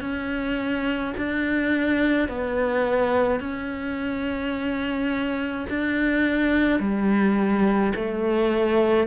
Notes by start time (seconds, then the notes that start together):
0.00 C#4
1.17 D4
2.28 B3
3.40 C#4
5.69 D4
6.79 G3
7.95 A3